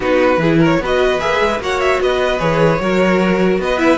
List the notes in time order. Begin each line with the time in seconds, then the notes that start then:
0.00 B3 D#4 F#4 B4
0.37 E3 E4 G#4
0.58 A#4 C#5
0.79 B3 F#4 B4 D#5
1.19 A#3 G#4 E5
1.40 G#3
1.59 A#3 F#4 C#5 F#5
1.80 E5
2.01 B3 B4 D#5
2.39 E3 G#4 C#5
2.79 F#3 F#4 A#4
3.58 B3 B4 D#5
3.78 E4 E5